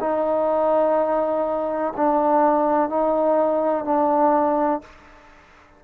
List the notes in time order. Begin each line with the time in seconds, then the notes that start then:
0.00 D#4
1.97 D4
2.89 D#4
3.84 D4